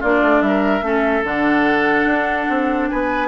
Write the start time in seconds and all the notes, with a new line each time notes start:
0.00 A#3 D4 F4 D5
0.21 A3
0.41 G3 A#4 E5
0.82 A3 C#4 A4
1.24 D3 D4 F#5
2.05 D4
2.49 C4
2.89 B3 B4 G#5